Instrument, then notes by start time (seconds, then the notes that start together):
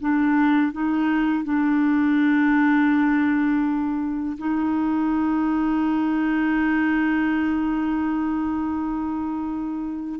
clarinet
0.00 D4
0.72 D#4
1.44 D4
4.37 D#4